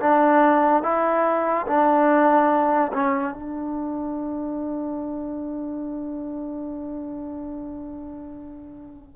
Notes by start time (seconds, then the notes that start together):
0.00 D4
0.83 E4
1.67 D4
2.93 C#4
3.34 D4